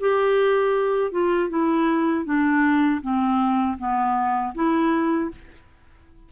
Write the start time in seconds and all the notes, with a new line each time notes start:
0.00 G4
1.11 F4
1.49 E4
2.25 D4
3.01 C4
3.78 B3
4.54 E4